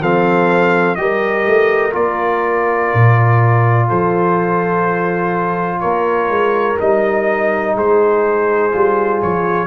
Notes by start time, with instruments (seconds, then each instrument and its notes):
0.00 tuba F3, trombone C4, horn A4, trumpet F5
0.95 tuba G3, trombone G4, horn A#4, trumpet D#5
1.46 tuba A3
1.91 tuba A#3, trombone F4, trumpet D5
2.94 tuba A#2
3.87 tuba F3, horn A4, trumpet C5
5.80 tuba A#3, horn A#4, trumpet C#5
6.29 tuba G#3
6.79 tuba G3, trombone D#4, trumpet D#5
7.74 tuba G#3, horn G#4, trumpet C5
8.71 tuba G3, trombone F4
9.22 tuba F3, trumpet C#5